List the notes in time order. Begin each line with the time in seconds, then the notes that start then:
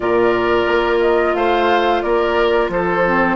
0.00 A#2 F4 A#4 D5
0.66 A#3
1.00 D#5
1.34 A3 C5 F5
2.01 A#3 A#4 D5
2.69 F3 A4 C5
3.05 C4